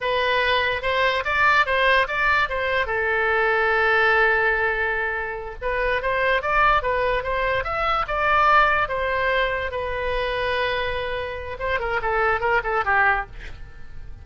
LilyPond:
\new Staff \with { instrumentName = "oboe" } { \time 4/4 \tempo 4 = 145 b'2 c''4 d''4 | c''4 d''4 c''4 a'4~ | a'1~ | a'4. b'4 c''4 d''8~ |
d''8 b'4 c''4 e''4 d''8~ | d''4. c''2 b'8~ | b'1 | c''8 ais'8 a'4 ais'8 a'8 g'4 | }